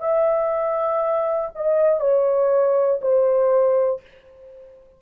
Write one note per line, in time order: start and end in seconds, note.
0.00 1.50 E5
1.55 2.00 D#5
2.00 3.00 C#5
3.01 4.01 C5